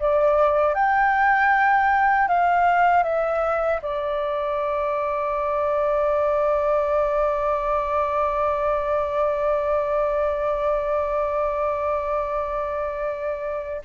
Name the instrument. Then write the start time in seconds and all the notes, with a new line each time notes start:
flute
0.00 D5
0.75 G5
2.28 F5
3.03 E5
3.82 D5